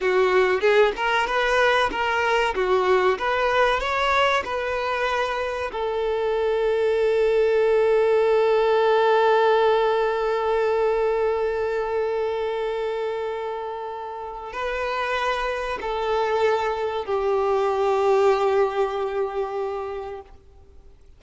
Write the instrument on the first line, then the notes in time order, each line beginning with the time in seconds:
violin
0.01 F#4
0.61 G#4
0.96 A#4
1.26 B4
1.91 A#4
2.54 F#4
3.18 B4
3.80 C#5
4.44 B4
5.72 A4
14.52 B4
15.81 A4
17.05 G4